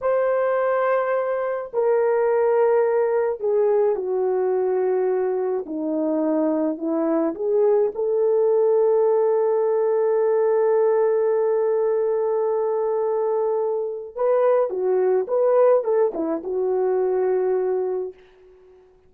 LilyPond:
\new Staff \with { instrumentName = "horn" } { \time 4/4 \tempo 4 = 106 c''2. ais'4~ | ais'2 gis'4 fis'4~ | fis'2 dis'2 | e'4 gis'4 a'2~ |
a'1~ | a'1~ | a'4 b'4 fis'4 b'4 | a'8 e'8 fis'2. | }